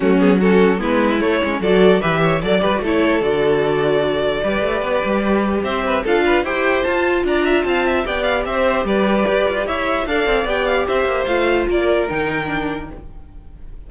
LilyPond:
<<
  \new Staff \with { instrumentName = "violin" } { \time 4/4 \tempo 4 = 149 fis'8 gis'8 a'4 b'4 cis''4 | d''4 e''4 d''8 b'8 cis''4 | d''1~ | d''2 e''4 f''4 |
g''4 a''4 ais''4 a''4 | g''8 f''8 e''4 d''2 | e''4 f''4 g''8 f''8 e''4 | f''4 d''4 g''2 | }
  \new Staff \with { instrumentName = "violin" } { \time 4/4 cis'4 fis'4 e'2 | a'4 b'8 cis''8 d''4 a'4~ | a'2. b'4~ | b'2 c''8 b'8 a'8 b'8 |
c''2 d''8 e''8 f''8 e''8 | d''4 c''4 b'2 | cis''4 d''2 c''4~ | c''4 ais'2. | }
  \new Staff \with { instrumentName = "viola" } { \time 4/4 a8 b8 cis'4 b4 a8 cis'8 | fis'4 g'4 a'8 g'16 fis'16 e'4 | fis'2. g'4~ | g'2. f'4 |
g'4 f'2. | g'1~ | g'4 a'4 g'2 | f'2 dis'4 d'4 | }
  \new Staff \with { instrumentName = "cello" } { \time 4/4 fis2 gis4 a8 gis8 | fis4 e4 fis8 g8 a4 | d2. g8 a8 | b8 g4. c'4 d'4 |
e'4 f'4 d'4 c'4 | b4 c'4 g4 g'8 f'8 | e'4 d'8 c'8 b4 c'8 ais8 | a4 ais4 dis2 | }
>>